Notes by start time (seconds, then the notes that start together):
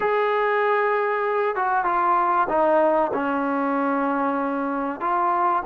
0.00 G#4
1.55 F#4
1.84 F4
2.49 D#4
3.13 C#4
5.00 F4